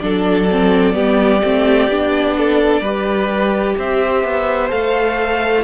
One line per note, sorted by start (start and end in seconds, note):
0.00 0.96 F#3
0.00 0.48 D4
0.00 0.95 A4
0.00 3.75 D5
0.51 0.93 C4
0.93 1.42 G3
0.93 1.40 B3
0.93 2.36 G4
1.43 1.88 A3
1.43 1.90 C4
1.88 2.80 B3
1.88 2.84 D4
2.38 2.81 A4
2.80 3.74 G3
2.80 4.69 G4
2.80 3.75 B4
3.78 4.24 C4
3.78 5.64 C5
3.78 4.71 E5
4.24 4.71 B3
4.69 5.64 A3
4.69 5.63 A4
4.69 5.64 F5